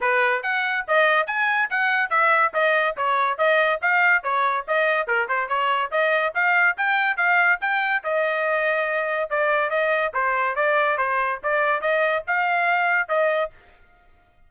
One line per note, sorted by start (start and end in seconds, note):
0.00 0.42 B4
0.42 0.85 F#5
0.87 1.27 D#5
1.27 1.69 G#5
1.69 2.09 F#5
2.09 2.52 E5
2.53 2.95 D#5
2.97 3.37 C#5
3.37 3.80 D#5
3.81 4.23 F5
4.23 4.65 C#5
4.67 5.07 D#5
5.07 5.28 A#4
5.28 5.48 C5
5.48 5.90 C#5
5.91 6.33 D#5
6.34 6.76 F5
6.77 7.16 G5
7.16 7.59 F5
7.60 8.03 G5
8.03 9.30 D#5
9.30 9.70 D5
9.70 10.12 D#5
10.13 10.55 C5
10.55 10.97 D5
10.97 11.39 C5
11.43 11.81 D5
11.81 12.23 D#5
12.27 13.08 F5
13.08 13.50 D#5